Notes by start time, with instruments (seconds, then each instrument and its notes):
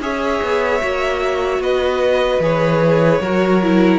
0.00 cello C#4, viola G#4, violin C#5 E5
0.42 cello B3
0.81 cello A#3, viola F#4
1.59 cello B3, violin B4 D#5
2.40 cello E3, viola G#4, violin C#5
3.20 cello F#3, viola F#4, violin A#4
3.63 viola E4